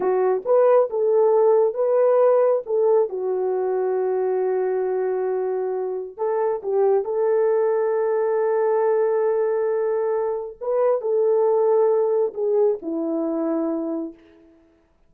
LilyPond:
\new Staff \with { instrumentName = "horn" } { \time 4/4 \tempo 4 = 136 fis'4 b'4 a'2 | b'2 a'4 fis'4~ | fis'1~ | fis'2 a'4 g'4 |
a'1~ | a'1 | b'4 a'2. | gis'4 e'2. | }